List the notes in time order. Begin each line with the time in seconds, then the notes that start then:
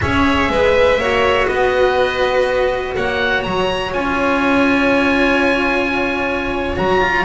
0.01 C#4 G#4 C#5 E5
0.49 G#3 B4
0.96 A#3 F#4 C#5
1.47 B3 B4 D#5
2.95 A#3 C#5 F#5
3.43 F#3 A#5
3.93 C#4 F4 G#5
6.76 F#3 F#4 A#5
7.01 F4